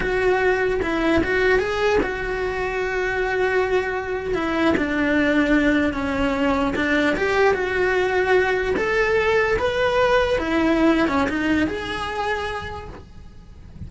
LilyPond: \new Staff \with { instrumentName = "cello" } { \time 4/4 \tempo 4 = 149 fis'2 e'4 fis'4 | gis'4 fis'2.~ | fis'2~ fis'8. e'4 d'16~ | d'2~ d'8. cis'4~ cis'16~ |
cis'8. d'4 g'4 fis'4~ fis'16~ | fis'4.~ fis'16 a'2 b'16~ | b'4.~ b'16 e'4.~ e'16 cis'8 | dis'4 gis'2. | }